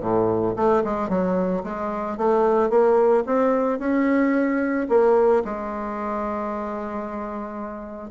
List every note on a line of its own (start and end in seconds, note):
0.00 0.54 A2
0.56 0.83 A3
0.84 1.09 G#3
1.09 1.63 F#3
1.63 2.17 G#3
2.17 2.70 A3
2.70 3.24 A#3
3.26 3.79 C4
3.79 4.87 C#4
4.89 5.43 A#3
5.44 8.10 G#3